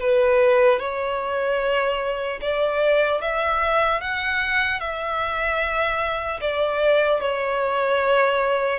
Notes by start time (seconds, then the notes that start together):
0.00 B4
0.80 C#5
2.41 D5
3.21 E5
4.01 F#5
4.80 E5
6.41 D5
7.21 C#5